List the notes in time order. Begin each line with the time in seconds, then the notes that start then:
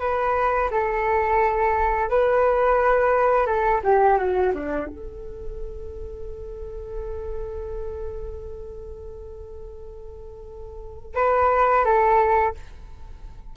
0.00 B4
0.71 A4
2.10 B4
3.47 A4
3.84 G4
4.18 F#4
4.55 D4
4.87 A4
11.15 B4
11.85 A4